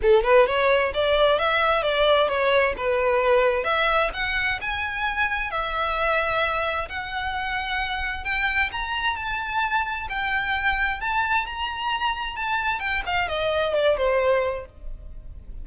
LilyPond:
\new Staff \with { instrumentName = "violin" } { \time 4/4 \tempo 4 = 131 a'8 b'8 cis''4 d''4 e''4 | d''4 cis''4 b'2 | e''4 fis''4 gis''2 | e''2. fis''4~ |
fis''2 g''4 ais''4 | a''2 g''2 | a''4 ais''2 a''4 | g''8 f''8 dis''4 d''8 c''4. | }